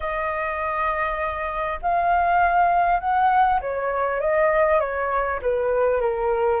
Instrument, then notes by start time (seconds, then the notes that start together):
flute
0.00 D#5
1.81 F5
2.99 F#5
3.60 C#5
4.20 D#5
4.79 C#5
5.42 B4
6.00 A#4